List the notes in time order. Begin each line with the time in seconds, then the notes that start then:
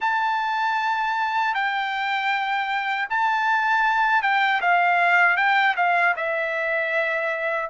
0.00 A5
1.54 G5
3.09 A5
4.22 G5
4.61 F5
5.37 G5
5.76 F5
6.16 E5